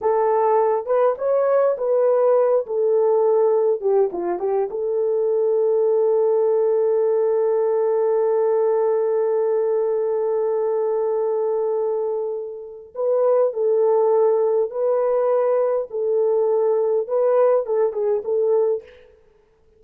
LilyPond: \new Staff \with { instrumentName = "horn" } { \time 4/4 \tempo 4 = 102 a'4. b'8 cis''4 b'4~ | b'8 a'2 g'8 f'8 g'8 | a'1~ | a'1~ |
a'1~ | a'2 b'4 a'4~ | a'4 b'2 a'4~ | a'4 b'4 a'8 gis'8 a'4 | }